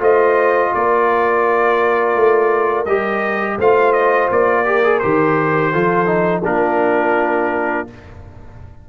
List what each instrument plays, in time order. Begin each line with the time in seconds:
0.00 tuba A3, trombone F4, horn C5, trumpet D#5
0.75 tuba A#3, horn A#4, trumpet D5
2.16 tuba A3
2.86 tuba G3, trombone G4, trumpet D#5
3.58 tuba A3, trombone F4, horn C5, trumpet F5
3.93 trumpet D#5
4.31 tuba A#3, trumpet D5
4.65 trombone G4, horn A#4
4.84 trombone G#4
5.00 tuba D#3, trombone G4, trumpet C5
5.72 tuba F3, trombone F4, horn A4
6.07 trombone D#4
6.45 tuba A#3, trombone D4, horn F4, trumpet A#4